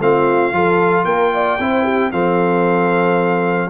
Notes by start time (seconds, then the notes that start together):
0.00 A3 C4 F4 F5
0.52 F3 F4 A4
1.05 A#3 A#4 G5
1.35 D5
1.59 C4 E4 C5
1.83 G4
2.12 F3 C4 A4 F5